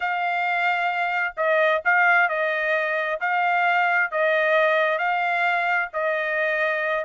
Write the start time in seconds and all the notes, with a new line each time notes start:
0.00 F5
1.36 D#5
1.85 F5
2.29 D#5
3.20 F5
4.11 D#5
4.98 F5
5.93 D#5